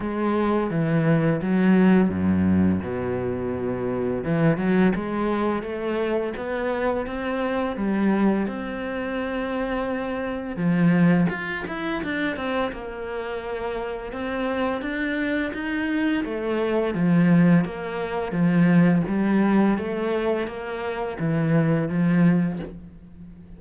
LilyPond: \new Staff \with { instrumentName = "cello" } { \time 4/4 \tempo 4 = 85 gis4 e4 fis4 fis,4 | b,2 e8 fis8 gis4 | a4 b4 c'4 g4 | c'2. f4 |
f'8 e'8 d'8 c'8 ais2 | c'4 d'4 dis'4 a4 | f4 ais4 f4 g4 | a4 ais4 e4 f4 | }